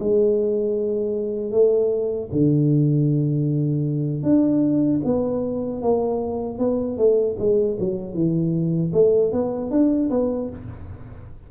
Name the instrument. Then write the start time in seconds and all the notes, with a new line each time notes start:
tuba
0.00 G#3
1.52 A3
2.32 D3
4.23 D4
5.05 B3
5.82 A#3
6.59 B3
6.98 A3
7.39 G#3
7.80 F#3
8.14 E3
8.94 A3
9.33 B3
9.71 D4
10.11 B3